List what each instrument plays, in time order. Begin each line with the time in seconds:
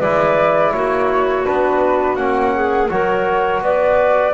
0.00 double bass G#3, trombone E4, clarinet B4, flute D5
0.74 double bass A#3, clarinet F#4, flute C#5
1.46 double bass B3, trombone D4, flute B4
2.16 double bass A#3, trombone C#4, flute F#5
2.55 clarinet G#4
2.90 double bass F#3, trombone F#4, clarinet A#4, flute C#5
3.62 double bass B3, clarinet B4, flute D5